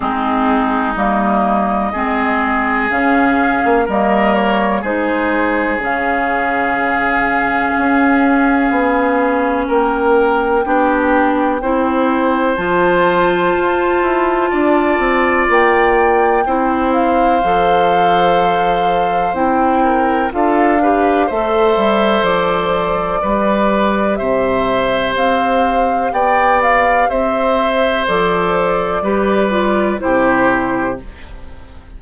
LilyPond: <<
  \new Staff \with { instrumentName = "flute" } { \time 4/4 \tempo 4 = 62 gis'4 dis''2 f''4 | dis''8 cis''8 c''4 f''2~ | f''2 g''2~ | g''4 a''2. |
g''4. f''2~ f''8 | g''4 f''4 e''4 d''4~ | d''4 e''4 f''4 g''8 f''8 | e''4 d''2 c''4 | }
  \new Staff \with { instrumentName = "oboe" } { \time 4/4 dis'2 gis'2 | ais'4 gis'2.~ | gis'2 ais'4 g'4 | c''2. d''4~ |
d''4 c''2.~ | c''8 ais'8 a'8 b'8 c''2 | b'4 c''2 d''4 | c''2 b'4 g'4 | }
  \new Staff \with { instrumentName = "clarinet" } { \time 4/4 c'4 ais4 c'4 cis'4 | ais4 dis'4 cis'2~ | cis'2. d'4 | e'4 f'2.~ |
f'4 e'4 a'2 | e'4 f'8 g'8 a'2 | g'1~ | g'4 a'4 g'8 f'8 e'4 | }
  \new Staff \with { instrumentName = "bassoon" } { \time 4/4 gis4 g4 gis4 cis8. ais16 | g4 gis4 cis2 | cis'4 b4 ais4 b4 | c'4 f4 f'8 e'8 d'8 c'8 |
ais4 c'4 f2 | c'4 d'4 a8 g8 f4 | g4 c4 c'4 b4 | c'4 f4 g4 c4 | }
>>